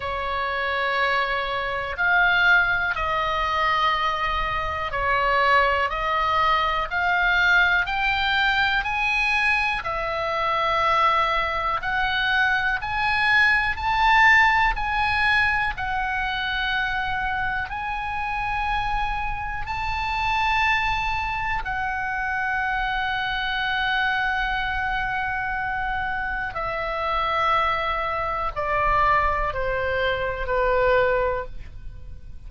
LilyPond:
\new Staff \with { instrumentName = "oboe" } { \time 4/4 \tempo 4 = 61 cis''2 f''4 dis''4~ | dis''4 cis''4 dis''4 f''4 | g''4 gis''4 e''2 | fis''4 gis''4 a''4 gis''4 |
fis''2 gis''2 | a''2 fis''2~ | fis''2. e''4~ | e''4 d''4 c''4 b'4 | }